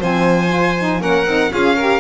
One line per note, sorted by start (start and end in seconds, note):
0.00 1.01 F3
0.00 0.50 C4
0.00 1.01 C5
0.00 1.02 G#5
0.50 0.75 F4
0.79 1.00 D#4
1.00 1.26 A#3
1.00 1.25 C#4
1.00 1.52 A#4
1.00 1.53 F#5
1.26 1.51 C4
1.26 1.51 D#4
1.51 2.00 C#4
1.51 1.76 F4
1.51 1.76 G#4
1.51 2.00 F5
1.76 2.00 G4
1.76 2.00 A#4